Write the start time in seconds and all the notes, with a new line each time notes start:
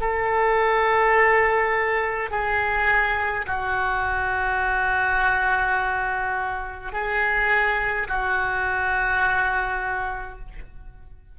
0.00 A4
2.31 G#4
3.46 F#4
6.92 G#4
8.08 F#4